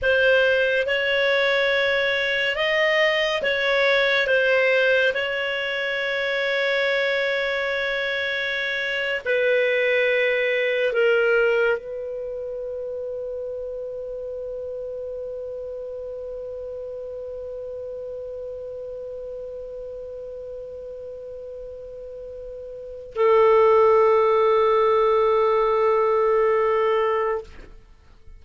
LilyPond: \new Staff \with { instrumentName = "clarinet" } { \time 4/4 \tempo 4 = 70 c''4 cis''2 dis''4 | cis''4 c''4 cis''2~ | cis''2~ cis''8. b'4~ b'16~ | b'8. ais'4 b'2~ b'16~ |
b'1~ | b'1~ | b'2. a'4~ | a'1 | }